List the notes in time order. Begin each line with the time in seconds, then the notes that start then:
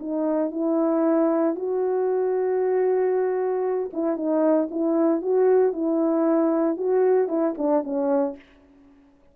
0.00 D#4
0.51 E4
1.56 F#4
3.93 E4
4.17 D#4
4.71 E4
5.22 F#4
5.73 E4
6.78 F#4
7.29 E4
7.58 D4
7.84 C#4